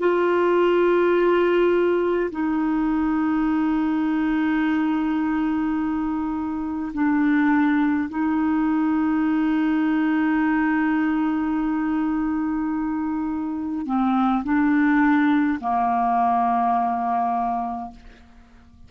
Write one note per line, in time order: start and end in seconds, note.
0.00 2.31 F4
2.31 6.93 D#4
6.94 8.09 D4
8.10 13.86 D#4
13.86 14.44 C4
14.44 15.59 D4
15.61 17.92 A#3